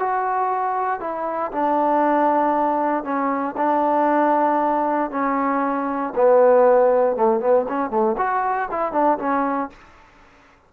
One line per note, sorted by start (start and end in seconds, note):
0.00 1.01 F#4
1.01 1.52 E4
1.52 3.04 D4
3.04 3.55 C#4
3.58 5.11 D4
5.11 6.14 C#4
6.16 7.17 B3
7.17 7.41 A3
7.41 7.66 B3
7.69 7.91 C#4
7.91 8.16 A3
8.18 8.69 F#4
8.72 8.93 E4
8.93 9.19 D4
9.19 9.70 C#4